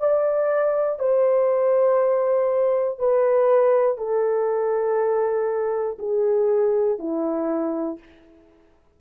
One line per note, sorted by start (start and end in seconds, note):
0.00 0.99 D5
0.99 2.99 C5
2.99 3.98 B4
3.98 5.98 A4
5.99 6.99 G#4
6.99 7.99 E4